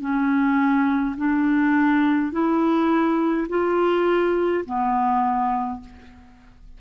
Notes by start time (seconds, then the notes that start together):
0.00 C#4
1.16 D4
2.32 E4
3.49 F4
4.65 B3